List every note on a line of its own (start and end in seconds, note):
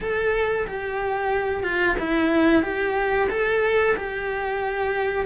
0.00 0.66 A4
0.67 1.63 G4
1.63 1.96 F4
1.99 2.62 E4
2.62 3.28 G4
3.29 3.95 A4
3.96 5.25 G4